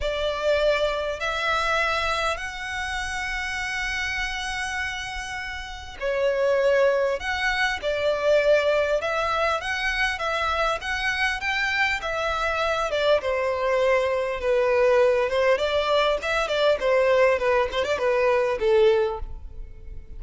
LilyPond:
\new Staff \with { instrumentName = "violin" } { \time 4/4 \tempo 4 = 100 d''2 e''2 | fis''1~ | fis''2 cis''2 | fis''4 d''2 e''4 |
fis''4 e''4 fis''4 g''4 | e''4. d''8 c''2 | b'4. c''8 d''4 e''8 d''8 | c''4 b'8 c''16 d''16 b'4 a'4 | }